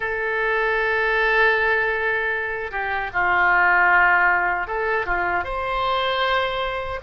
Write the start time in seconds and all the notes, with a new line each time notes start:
0.00 A4
2.71 G4
3.13 F4
4.67 A4
5.06 F4
5.44 C5